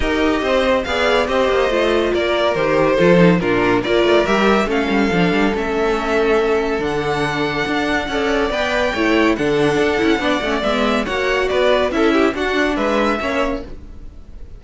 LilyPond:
<<
  \new Staff \with { instrumentName = "violin" } { \time 4/4 \tempo 4 = 141 dis''2 f''4 dis''4~ | dis''4 d''4 c''2 | ais'4 d''4 e''4 f''4~ | f''4 e''2. |
fis''1 | g''2 fis''2~ | fis''4 e''4 fis''4 d''4 | e''4 fis''4 e''2 | }
  \new Staff \with { instrumentName = "violin" } { \time 4/4 ais'4 c''4 d''4 c''4~ | c''4 ais'2 a'4 | f'4 ais'2 a'4~ | a'1~ |
a'2. d''4~ | d''4 cis''4 a'2 | d''2 cis''4 b'4 | a'8 g'8 fis'4 b'4 cis''4 | }
  \new Staff \with { instrumentName = "viola" } { \time 4/4 g'2 gis'4 g'4 | f'2 g'4 f'8 dis'8 | d'4 f'4 g'4 cis'4 | d'4 cis'2. |
d'2. a'4 | b'4 e'4 d'4. e'8 | d'8 cis'8 b4 fis'2 | e'4 d'2 cis'4 | }
  \new Staff \with { instrumentName = "cello" } { \time 4/4 dis'4 c'4 b4 c'8 ais8 | a4 ais4 dis4 f4 | ais,4 ais8 a8 g4 a8 g8 | f8 g8 a2. |
d2 d'4 cis'4 | b4 a4 d4 d'8 cis'8 | b8 a8 gis4 ais4 b4 | cis'4 d'4 gis4 ais4 | }
>>